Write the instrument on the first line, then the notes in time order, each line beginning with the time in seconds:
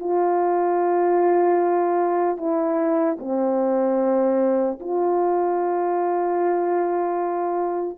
horn
0.00 F4
2.37 E4
3.20 C4
4.80 F4